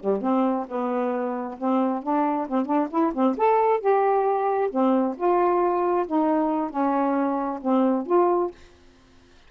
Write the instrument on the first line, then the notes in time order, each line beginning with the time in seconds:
saxophone
0.00 G3
0.22 C4
0.68 B3
1.58 C4
2.03 D4
2.48 C4
2.66 D4
2.90 E4
3.14 C4
3.37 A4
3.80 G4
4.71 C4
5.17 F4
6.07 D#4
6.71 C#4
7.62 C4
8.06 F4